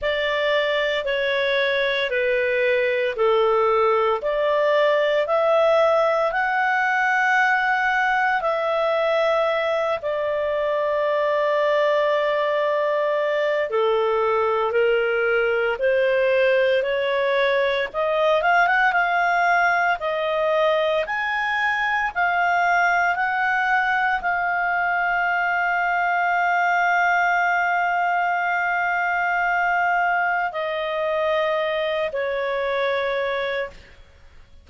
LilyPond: \new Staff \with { instrumentName = "clarinet" } { \time 4/4 \tempo 4 = 57 d''4 cis''4 b'4 a'4 | d''4 e''4 fis''2 | e''4. d''2~ d''8~ | d''4 a'4 ais'4 c''4 |
cis''4 dis''8 f''16 fis''16 f''4 dis''4 | gis''4 f''4 fis''4 f''4~ | f''1~ | f''4 dis''4. cis''4. | }